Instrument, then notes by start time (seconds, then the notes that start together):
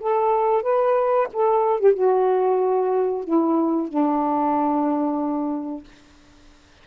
saxophone
0.00 A4
0.63 B4
1.33 A4
1.80 G4
1.94 F#4
3.24 E4
3.88 D4